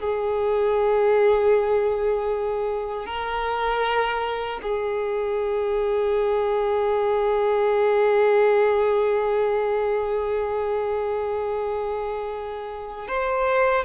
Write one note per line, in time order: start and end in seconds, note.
0.00 3.06 G#4
3.06 4.60 A#4
4.63 13.08 G#4
13.08 13.85 C5